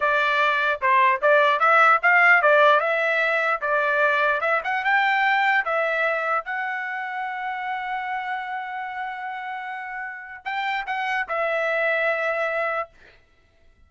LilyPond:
\new Staff \with { instrumentName = "trumpet" } { \time 4/4 \tempo 4 = 149 d''2 c''4 d''4 | e''4 f''4 d''4 e''4~ | e''4 d''2 e''8 fis''8 | g''2 e''2 |
fis''1~ | fis''1~ | fis''2 g''4 fis''4 | e''1 | }